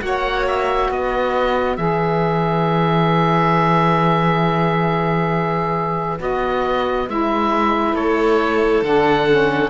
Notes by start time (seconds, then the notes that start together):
0.00 A#3 F#4 C#5 F#5
0.47 E5
0.90 B3 B4 D#5
1.77 E3 G#4 E5
6.19 B3 F#4 D#5
7.07 G#3 E4 E5
7.94 A3 A4 C#5
8.82 D3 D4 F#5
9.29 C#4